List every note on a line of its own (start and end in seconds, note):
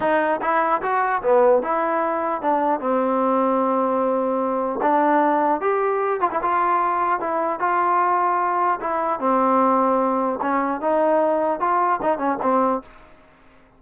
0.00 0.40 D#4
0.41 0.81 E4
0.82 1.22 F#4
1.22 1.62 B3
1.62 2.41 E4
2.41 2.80 D4
2.80 4.80 C4
4.82 5.60 D4
5.60 6.20 G4
6.20 6.30 F4
6.31 6.41 E4
6.42 7.19 F4
7.19 7.59 E4
7.59 8.79 F4
8.80 9.19 E4
9.19 10.39 C4
10.41 10.81 C#4
10.81 11.60 D#4
11.60 12.00 F4
12.01 12.18 D#4
12.18 12.38 C#4
12.41 12.81 C4